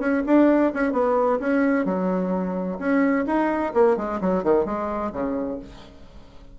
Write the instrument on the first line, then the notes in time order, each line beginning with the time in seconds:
bassoon
0.00 C#4
0.27 D4
0.74 C#4
0.93 B3
1.40 C#4
1.86 F#3
2.79 C#4
3.27 D#4
3.74 A#3
3.97 G#3
4.21 F#3
4.44 D#3
4.66 G#3
5.13 C#3